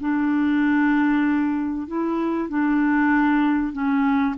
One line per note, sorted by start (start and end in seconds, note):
0.00 1.87 D4
1.87 2.49 E4
2.49 3.72 D4
3.72 4.35 C#4